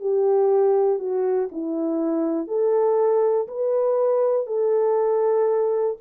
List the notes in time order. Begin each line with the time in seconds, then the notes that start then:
0.00 G4
0.99 F#4
1.52 E4
2.47 A4
3.48 B4
4.46 A4